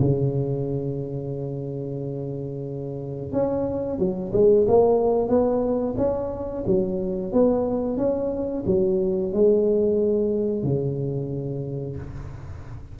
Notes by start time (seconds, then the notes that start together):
0.00 C#3
3.32 C#4
3.98 F#3
4.33 G#3
4.68 A#3
5.28 B3
5.97 C#4
6.67 F#3
7.33 B3
7.97 C#4
8.66 F#3
9.33 G#3
10.63 C#3